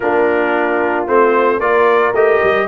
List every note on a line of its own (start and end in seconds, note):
0.00 1.07 A#3
0.00 1.07 D4
0.00 1.60 F4
0.00 1.05 A#4
1.07 1.59 A3
1.07 1.60 C4
1.07 1.59 C5
1.59 2.12 A#3
1.59 2.14 F4
1.59 2.67 A#4
1.59 2.13 D5
2.12 2.39 A3
2.12 2.67 G4
2.12 2.67 D#5
2.43 2.67 G3